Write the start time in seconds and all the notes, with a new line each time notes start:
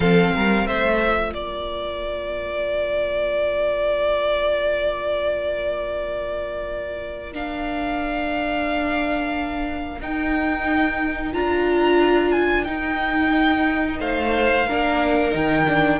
0.00 F3 C4 A4 F5
0.35 G3 A#4
0.66 A3 C5 E5
1.00 F4
1.31 A#3 A#4 D5
7.33 D4 F5
10.00 D#4 G5
11.33 D4 F4 A#5
12.32 G#5
12.64 D#4 G5
13.99 A3 C5 F5
14.67 A#3 D4 A#4
15.31 D#3 D#4 G5
15.67 D4